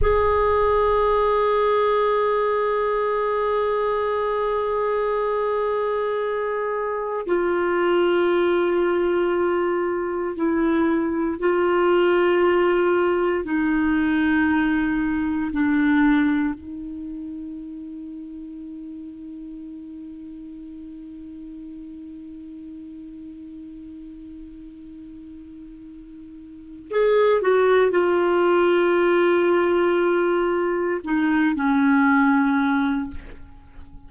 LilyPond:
\new Staff \with { instrumentName = "clarinet" } { \time 4/4 \tempo 4 = 58 gis'1~ | gis'2. f'4~ | f'2 e'4 f'4~ | f'4 dis'2 d'4 |
dis'1~ | dis'1~ | dis'2 gis'8 fis'8 f'4~ | f'2 dis'8 cis'4. | }